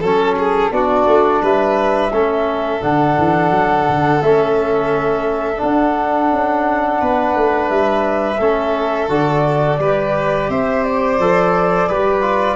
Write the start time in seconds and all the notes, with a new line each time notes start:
0.00 F#3 C#4 A4
0.37 G#4
0.71 B3 D4 F#4 D5
1.06 A3
1.42 G3 B4 E5
2.11 A3 C#4 A4
2.81 D3 D4 F#5
3.17 E3
3.50 F#3
3.88 D3
4.21 A3 C#4 E5
5.56 D4 F#5
6.31 C#4
7.00 B3 B4
7.35 A3
7.69 G3 E5
8.39 A3 C#4 A4
9.08 D3 F#4 D5
9.78 G3 G4 B4
10.49 C4 C5 E5
10.83 D5
11.18 F3 A4
11.88 G3 G4 B4
12.21 F4